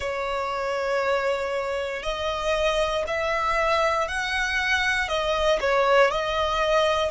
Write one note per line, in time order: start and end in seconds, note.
0.00 2.02 C#5
2.02 3.04 D#5
3.07 4.07 E5
4.07 5.08 F#5
5.08 5.59 D#5
5.60 6.11 C#5
6.11 7.10 D#5